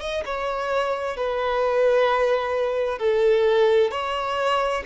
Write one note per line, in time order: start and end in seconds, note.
0.00 0.23 D#5
0.25 1.16 C#5
1.16 2.98 B4
2.98 3.91 A4
3.91 4.83 C#5